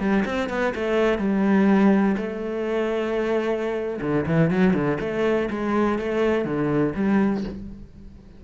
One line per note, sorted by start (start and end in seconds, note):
0.00 0.24 G3
0.26 0.50 C4
0.50 0.74 B3
0.75 1.19 A3
1.19 2.16 G3
2.18 4.00 A3
4.02 4.26 D3
4.27 4.51 E3
4.51 4.74 F#3
4.74 4.98 D3
5.01 5.50 A3
5.51 5.99 G#3
5.99 6.45 A3
6.45 6.94 D3
6.96 7.44 G3